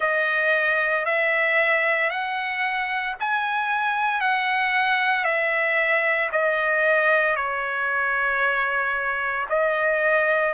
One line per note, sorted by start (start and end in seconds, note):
0.00 1.05 D#5
1.05 2.10 E5
2.10 3.15 F#5
3.20 4.21 G#5
4.21 5.24 F#5
5.24 6.29 E5
6.32 7.35 D#5
7.35 9.46 C#5
9.49 10.53 D#5